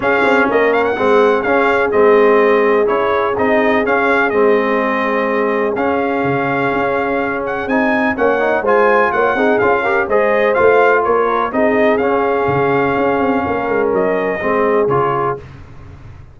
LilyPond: <<
  \new Staff \with { instrumentName = "trumpet" } { \time 4/4 \tempo 4 = 125 f''4 dis''8 f''16 fis''4~ fis''16 f''4 | dis''2 cis''4 dis''4 | f''4 dis''2. | f''2.~ f''8 fis''8 |
gis''4 fis''4 gis''4 fis''4 | f''4 dis''4 f''4 cis''4 | dis''4 f''2.~ | f''4 dis''2 cis''4 | }
  \new Staff \with { instrumentName = "horn" } { \time 4/4 gis'4 ais'4 gis'2~ | gis'1~ | gis'1~ | gis'1~ |
gis'4 cis''4 c''4 cis''8 gis'8~ | gis'8 ais'8 c''2 ais'4 | gis'1 | ais'2 gis'2 | }
  \new Staff \with { instrumentName = "trombone" } { \time 4/4 cis'2 c'4 cis'4 | c'2 e'4 dis'4 | cis'4 c'2. | cis'1 |
dis'4 cis'8 dis'8 f'4. dis'8 | f'8 g'8 gis'4 f'2 | dis'4 cis'2.~ | cis'2 c'4 f'4 | }
  \new Staff \with { instrumentName = "tuba" } { \time 4/4 cis'8 c'8 ais4 gis4 cis'4 | gis2 cis'4 c'4 | cis'4 gis2. | cis'4 cis4 cis'2 |
c'4 ais4 gis4 ais8 c'8 | cis'4 gis4 a4 ais4 | c'4 cis'4 cis4 cis'8 c'8 | ais8 gis8 fis4 gis4 cis4 | }
>>